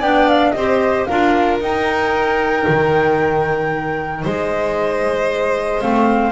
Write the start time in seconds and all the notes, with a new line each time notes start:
0.00 B3 D4 D5 G5
0.29 F5
0.51 C4 G4 C5 D#5
1.05 D4 F4 A#4 F5
1.60 D#4 G5
2.68 D#3
4.22 G#3 C5 D#5
5.81 A3 C4 F5